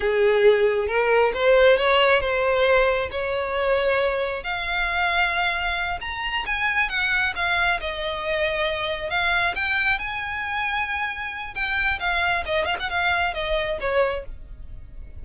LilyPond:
\new Staff \with { instrumentName = "violin" } { \time 4/4 \tempo 4 = 135 gis'2 ais'4 c''4 | cis''4 c''2 cis''4~ | cis''2 f''2~ | f''4. ais''4 gis''4 fis''8~ |
fis''8 f''4 dis''2~ dis''8~ | dis''8 f''4 g''4 gis''4.~ | gis''2 g''4 f''4 | dis''8 f''16 fis''16 f''4 dis''4 cis''4 | }